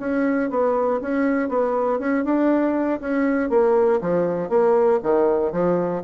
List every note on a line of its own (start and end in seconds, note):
0.00 0.50 C#4
0.50 1.01 B3
1.02 1.49 C#4
1.49 1.99 B3
1.99 2.25 C#4
2.25 3.00 D4
3.01 3.50 C#4
3.50 4.00 A#3
4.02 4.50 F3
4.50 5.00 A#3
5.03 5.53 D#3
5.53 6.03 F3